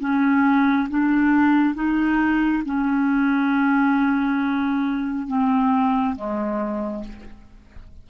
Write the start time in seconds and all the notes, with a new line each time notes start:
0.00 C#4
0.89 D4
1.75 D#4
2.66 C#4
5.28 C4
6.16 G#3